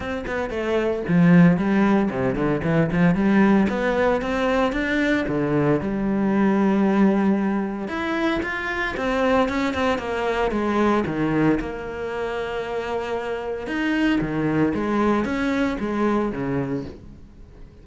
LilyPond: \new Staff \with { instrumentName = "cello" } { \time 4/4 \tempo 4 = 114 c'8 b8 a4 f4 g4 | c8 d8 e8 f8 g4 b4 | c'4 d'4 d4 g4~ | g2. e'4 |
f'4 c'4 cis'8 c'8 ais4 | gis4 dis4 ais2~ | ais2 dis'4 dis4 | gis4 cis'4 gis4 cis4 | }